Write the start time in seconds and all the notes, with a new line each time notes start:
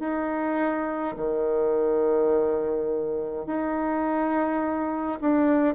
0.00 D#4
1.17 D#3
3.47 D#4
5.21 D4